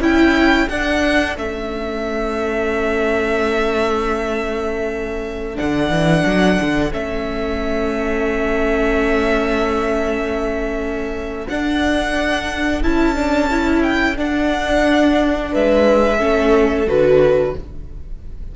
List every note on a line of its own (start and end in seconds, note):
0.00 0.67 C#4
0.00 0.69 E4
0.00 0.66 E4
0.00 0.69 G5
0.66 1.36 D4
0.66 1.37 D4
0.66 15.49 A4
0.66 1.36 F#5
1.36 5.58 A3
1.36 5.55 C#4
1.36 5.58 E5
5.55 6.90 D4
5.55 6.93 F#5
5.61 5.90 D3
5.90 6.23 E3
6.26 6.59 F#3
6.61 6.92 D3
6.91 11.47 A3
6.91 11.46 C#4
6.91 11.48 E5
11.48 12.84 D4
11.48 12.83 D4
11.48 12.82 F#5
12.83 14.18 C#4
12.83 13.15 E4
12.83 13.82 A5
13.15 13.49 D4
13.51 14.16 E4
13.82 14.16 G5
14.16 16.18 D4
14.16 15.53 D4
14.16 15.54 F#5
15.52 16.21 G#3
15.52 16.17 B4
15.52 16.88 E5
16.17 16.87 A3
16.17 16.86 C#4
16.17 17.52 A4
16.87 17.54 D3
16.87 17.54 F#4
16.87 17.56 B4